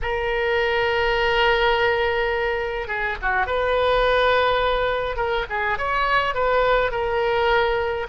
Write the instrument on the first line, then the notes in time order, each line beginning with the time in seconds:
oboe
0.02 A#4
2.87 G#4
3.22 F#4
3.46 B4
5.16 A#4
5.49 G#4
5.77 C#5
6.34 B4
6.91 A#4